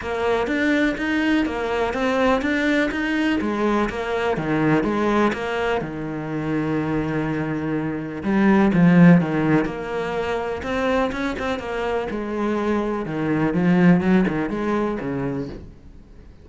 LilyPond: \new Staff \with { instrumentName = "cello" } { \time 4/4 \tempo 4 = 124 ais4 d'4 dis'4 ais4 | c'4 d'4 dis'4 gis4 | ais4 dis4 gis4 ais4 | dis1~ |
dis4 g4 f4 dis4 | ais2 c'4 cis'8 c'8 | ais4 gis2 dis4 | f4 fis8 dis8 gis4 cis4 | }